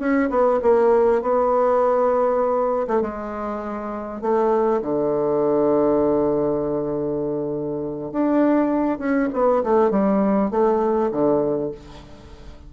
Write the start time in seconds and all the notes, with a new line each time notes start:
0.00 C#4
0.30 B3
0.63 A#3
1.22 B3
2.88 A3
3.02 G#3
4.22 A3
4.82 D3
8.12 D4
8.99 C#4
9.34 B3
9.64 A3
9.91 G3
10.51 A3
11.12 D3